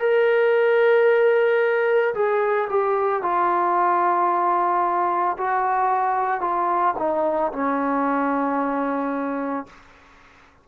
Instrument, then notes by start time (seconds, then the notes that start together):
trombone
0.00 A#4
2.15 G#4
2.70 G4
3.22 F4
5.38 F#4
6.41 F4
6.98 D#4
7.52 C#4